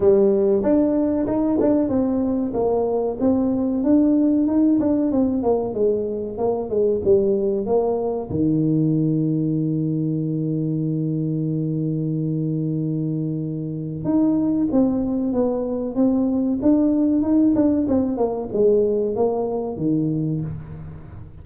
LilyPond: \new Staff \with { instrumentName = "tuba" } { \time 4/4 \tempo 4 = 94 g4 d'4 dis'8 d'8 c'4 | ais4 c'4 d'4 dis'8 d'8 | c'8 ais8 gis4 ais8 gis8 g4 | ais4 dis2.~ |
dis1~ | dis2 dis'4 c'4 | b4 c'4 d'4 dis'8 d'8 | c'8 ais8 gis4 ais4 dis4 | }